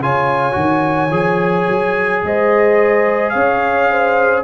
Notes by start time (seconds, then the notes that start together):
0.00 C#3 F4 C#5 G#5
0.52 D#3 F#4
1.11 F3 G#4
1.68 F#3
2.24 G#3 C5 D#5
3.30 C#4 C#5 F5
3.91 C5